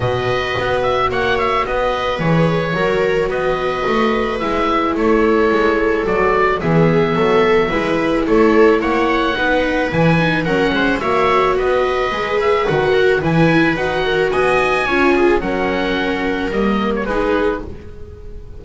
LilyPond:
<<
  \new Staff \with { instrumentName = "oboe" } { \time 4/4 \tempo 4 = 109 dis''4. e''8 fis''8 e''8 dis''4 | cis''2 dis''2 | e''4 cis''2 d''4 | e''2. cis''4 |
fis''2 gis''4 fis''4 | e''4 dis''4. e''8 fis''4 | gis''4 fis''4 gis''2 | fis''2 dis''8. cis''16 b'4 | }
  \new Staff \with { instrumentName = "viola" } { \time 4/4 b'2 cis''4 b'4~ | b'4 ais'4 b'2~ | b'4 a'2. | gis'4 a'4 b'4 a'4 |
cis''4 b'2 ais'8 c''8 | cis''4 b'2~ b'8 ais'8 | b'4. ais'8 dis''4 cis''8 gis'8 | ais'2. gis'4 | }
  \new Staff \with { instrumentName = "viola" } { \time 4/4 fis'1 | gis'4 fis'2. | e'2. fis'4 | b2 e'2~ |
e'4 dis'4 e'8 dis'8 cis'4 | fis'2 gis'4 fis'4 | e'4 fis'2 f'4 | cis'2 ais4 dis'4 | }
  \new Staff \with { instrumentName = "double bass" } { \time 4/4 b,4 b4 ais4 b4 | e4 fis4 b4 a4 | gis4 a4 gis4 fis4 | e4 fis4 gis4 a4 |
ais4 b4 e4 fis8 gis8 | ais4 b4 gis4 dis4 | e4 dis'4 b4 cis'4 | fis2 g4 gis4 | }
>>